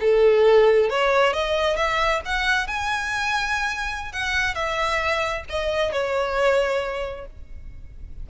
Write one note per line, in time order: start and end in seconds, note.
0.00 0.89 A4
0.89 1.33 C#5
1.33 1.76 D#5
1.76 2.21 E5
2.25 2.67 F#5
2.67 4.12 G#5
4.12 4.54 F#5
4.54 5.44 E5
5.49 5.92 D#5
5.92 7.26 C#5